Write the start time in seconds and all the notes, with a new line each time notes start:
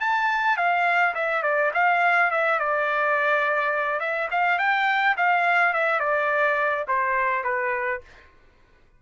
0.00 A5
0.57 F5
1.14 E5
1.43 D5
1.74 F5
2.31 E5
2.59 D5
4.00 E5
4.31 F5
4.58 G5
5.17 F5
5.73 E5
5.99 D5
6.88 C5
7.43 B4